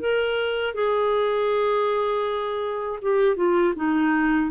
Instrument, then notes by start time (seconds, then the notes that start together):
clarinet
0.00 A#4
0.75 G#4
3.02 G4
3.36 F4
3.76 D#4